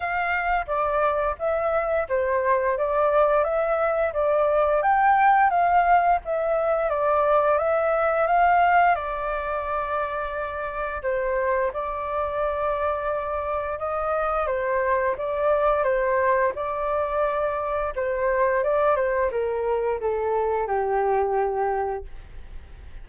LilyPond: \new Staff \with { instrumentName = "flute" } { \time 4/4 \tempo 4 = 87 f''4 d''4 e''4 c''4 | d''4 e''4 d''4 g''4 | f''4 e''4 d''4 e''4 | f''4 d''2. |
c''4 d''2. | dis''4 c''4 d''4 c''4 | d''2 c''4 d''8 c''8 | ais'4 a'4 g'2 | }